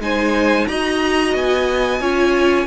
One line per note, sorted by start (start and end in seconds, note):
0.00 0.67 G#3
0.00 0.68 D#4
0.00 0.68 C5
0.00 0.68 G#5
0.68 1.34 D#4
0.68 2.01 F#4
0.68 2.01 D#5
0.68 1.34 A#5
1.34 2.00 B3
1.34 2.67 G#5
2.01 2.67 C#4
2.01 2.67 F4
2.01 2.67 C#5